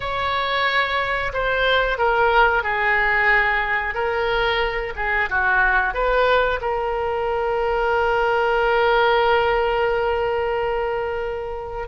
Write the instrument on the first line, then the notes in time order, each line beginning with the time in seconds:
oboe
0.00 C#5
1.33 C5
1.98 A#4
2.63 G#4
3.94 A#4
4.96 G#4
5.29 F#4
5.94 B4
6.61 A#4